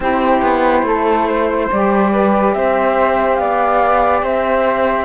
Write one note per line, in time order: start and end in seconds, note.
0.00 0.41 C4
0.00 1.70 E4
0.00 0.86 G4
0.00 1.70 C5
0.41 0.82 B3
0.82 1.67 A3
0.82 1.26 A4
1.26 2.11 C5
1.71 2.54 G3
1.71 5.05 G4
1.71 2.53 D5
2.12 2.54 B4
2.53 3.39 C4
2.53 3.40 C5
2.53 3.35 E5
3.35 4.22 B3
3.35 4.23 D5
3.35 4.19 F5
4.22 5.05 C4
4.22 5.05 C5
4.22 5.05 E5